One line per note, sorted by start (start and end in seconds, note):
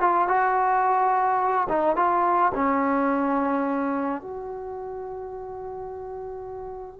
0.00 0.28 F4
0.28 1.68 F#4
1.69 1.96 D#4
1.96 2.52 F4
2.54 4.21 C#4
4.21 6.99 F#4